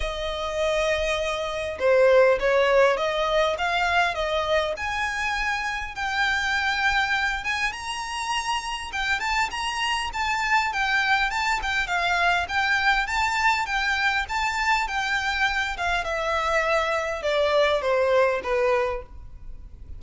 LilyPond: \new Staff \with { instrumentName = "violin" } { \time 4/4 \tempo 4 = 101 dis''2. c''4 | cis''4 dis''4 f''4 dis''4 | gis''2 g''2~ | g''8 gis''8 ais''2 g''8 a''8 |
ais''4 a''4 g''4 a''8 g''8 | f''4 g''4 a''4 g''4 | a''4 g''4. f''8 e''4~ | e''4 d''4 c''4 b'4 | }